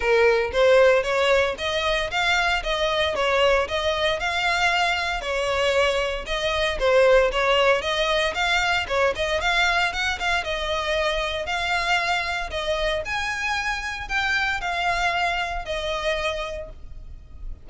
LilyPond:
\new Staff \with { instrumentName = "violin" } { \time 4/4 \tempo 4 = 115 ais'4 c''4 cis''4 dis''4 | f''4 dis''4 cis''4 dis''4 | f''2 cis''2 | dis''4 c''4 cis''4 dis''4 |
f''4 cis''8 dis''8 f''4 fis''8 f''8 | dis''2 f''2 | dis''4 gis''2 g''4 | f''2 dis''2 | }